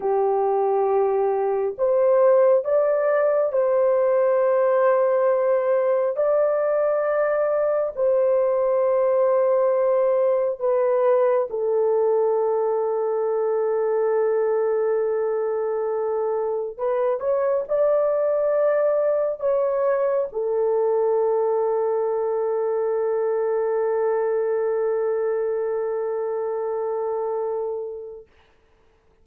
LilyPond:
\new Staff \with { instrumentName = "horn" } { \time 4/4 \tempo 4 = 68 g'2 c''4 d''4 | c''2. d''4~ | d''4 c''2. | b'4 a'2.~ |
a'2. b'8 cis''8 | d''2 cis''4 a'4~ | a'1~ | a'1 | }